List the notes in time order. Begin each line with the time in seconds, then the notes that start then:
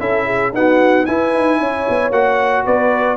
0.00 C#4 E4 A4 E5
0.26 G#4
0.53 B3 D#4 F#4 F#5
1.06 E4 B4 G#5
1.34 D#4
1.60 C#4 C#5
1.90 B3
2.11 A#3 F#4 F#5
2.65 B3 B4 D5